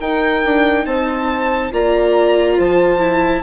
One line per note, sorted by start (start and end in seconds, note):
0.00 0.43 D#4
0.00 1.72 D#4
0.00 0.86 A#4
0.00 0.86 G5
0.45 0.86 D4
0.86 1.72 C4
0.86 1.73 C5
0.86 1.72 A5
1.72 2.58 A#3
1.72 3.00 F4
1.72 2.57 D5
1.72 2.60 A#5
2.57 3.43 F3
2.57 3.43 C5
2.57 3.43 A5
3.00 3.42 E4